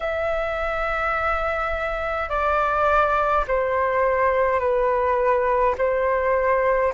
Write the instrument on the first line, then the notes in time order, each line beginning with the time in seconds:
flute
0.00 E5
2.29 D5
3.47 C5
4.59 B4
5.77 C5